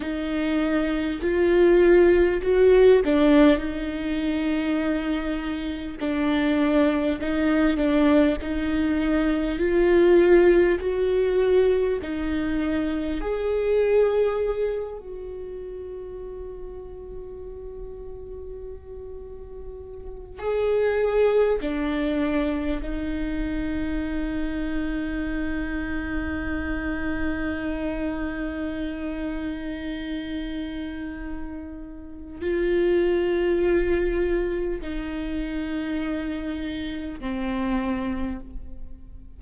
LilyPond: \new Staff \with { instrumentName = "viola" } { \time 4/4 \tempo 4 = 50 dis'4 f'4 fis'8 d'8 dis'4~ | dis'4 d'4 dis'8 d'8 dis'4 | f'4 fis'4 dis'4 gis'4~ | gis'8 fis'2.~ fis'8~ |
fis'4 gis'4 d'4 dis'4~ | dis'1~ | dis'2. f'4~ | f'4 dis'2 c'4 | }